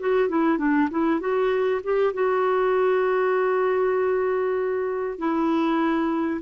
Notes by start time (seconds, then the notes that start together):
0.00 F#4
0.29 E4
0.58 D4
0.90 E4
1.20 F#4
1.84 G4
2.14 F#4
5.19 E4